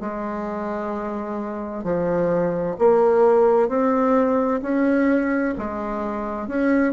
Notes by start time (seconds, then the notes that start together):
0.00 G#3
1.83 F3
2.78 A#3
3.68 C4
4.62 C#4
5.58 G#3
6.47 C#4